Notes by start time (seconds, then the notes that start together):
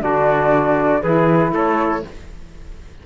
0.00 D3 D4 F#4 D5
1.02 E3 E4 G#4 B4
1.52 A3 A4 C#5